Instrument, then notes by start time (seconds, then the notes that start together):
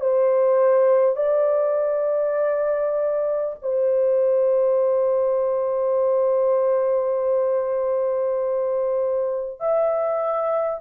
horn
0.00 C5
1.16 D5
3.62 C5
9.60 E5